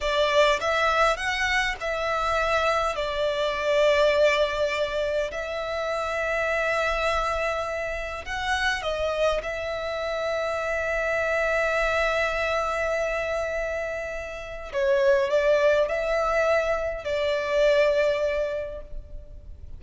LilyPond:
\new Staff \with { instrumentName = "violin" } { \time 4/4 \tempo 4 = 102 d''4 e''4 fis''4 e''4~ | e''4 d''2.~ | d''4 e''2.~ | e''2 fis''4 dis''4 |
e''1~ | e''1~ | e''4 cis''4 d''4 e''4~ | e''4 d''2. | }